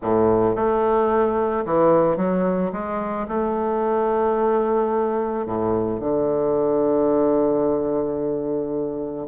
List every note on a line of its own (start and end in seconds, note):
0.01 0.55 A2
0.55 1.64 A3
1.65 2.16 E3
2.16 2.71 F#3
2.72 3.27 G#3
3.28 5.45 A3
5.45 6.00 A2
6.00 9.27 D3